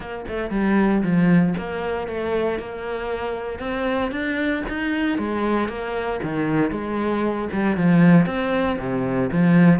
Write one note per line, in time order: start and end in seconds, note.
0.00 0.25 A#3
0.28 0.50 A3
0.50 1.02 G3
1.02 1.54 F3
1.57 2.07 A#3
2.07 2.59 A3
2.59 3.59 A#3
3.59 4.11 C4
4.11 4.62 D4
4.68 5.17 D#4
5.17 5.68 G#3
5.68 6.20 A#3
6.23 6.71 D#3
6.71 7.48 G#3
7.52 7.76 G3
7.76 8.26 F3
8.26 8.77 C4
8.78 9.30 C3
9.32 9.79 F3